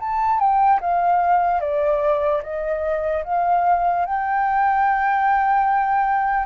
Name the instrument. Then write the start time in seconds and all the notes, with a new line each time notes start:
flute
0.00 A5
0.39 G5
0.81 F5
1.61 D5
2.43 D#5
3.24 F5
4.06 G5